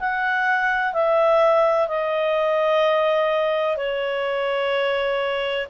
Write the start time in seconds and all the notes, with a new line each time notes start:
0.00 F#5
0.94 E5
1.88 D#5
3.77 C#5